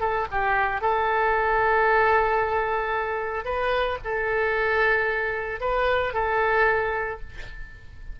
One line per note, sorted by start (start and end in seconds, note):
0.00 0.27 A4
0.31 0.81 G4
0.81 3.45 A4
3.45 3.98 B4
4.04 5.60 A4
5.60 6.14 B4
6.14 7.20 A4